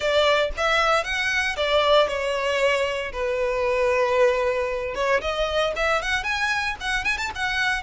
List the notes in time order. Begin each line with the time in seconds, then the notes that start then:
0.00 D5
0.57 E5
1.03 F#5
1.56 D5
2.07 C#5
3.12 B4
4.94 C#5
5.21 D#5
5.75 E5
6.01 F#5
6.23 G#5
6.80 F#5
7.04 G#5
7.17 A5
7.35 F#5